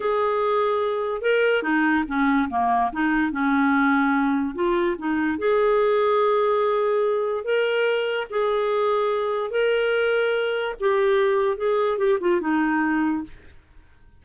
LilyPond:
\new Staff \with { instrumentName = "clarinet" } { \time 4/4 \tempo 4 = 145 gis'2. ais'4 | dis'4 cis'4 ais4 dis'4 | cis'2. f'4 | dis'4 gis'2.~ |
gis'2 ais'2 | gis'2. ais'4~ | ais'2 g'2 | gis'4 g'8 f'8 dis'2 | }